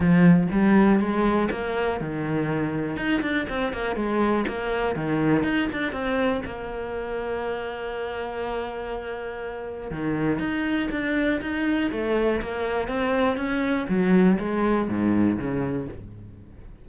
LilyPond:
\new Staff \with { instrumentName = "cello" } { \time 4/4 \tempo 4 = 121 f4 g4 gis4 ais4 | dis2 dis'8 d'8 c'8 ais8 | gis4 ais4 dis4 dis'8 d'8 | c'4 ais2.~ |
ais1 | dis4 dis'4 d'4 dis'4 | a4 ais4 c'4 cis'4 | fis4 gis4 gis,4 cis4 | }